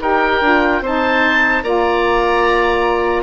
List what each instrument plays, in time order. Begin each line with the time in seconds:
0.00 bassoon D#4, saxophone G4, oboe A#4 G5
0.41 bassoon D4, saxophone F4
0.81 bassoon C4, saxophone D#4, oboe C5 A5
1.62 bassoon A#3, saxophone F4, oboe D5 A#5